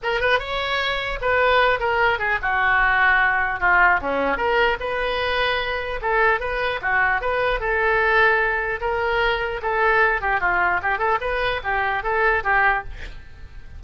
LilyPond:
\new Staff \with { instrumentName = "oboe" } { \time 4/4 \tempo 4 = 150 ais'8 b'8 cis''2 b'4~ | b'8 ais'4 gis'8 fis'2~ | fis'4 f'4 cis'4 ais'4 | b'2. a'4 |
b'4 fis'4 b'4 a'4~ | a'2 ais'2 | a'4. g'8 f'4 g'8 a'8 | b'4 g'4 a'4 g'4 | }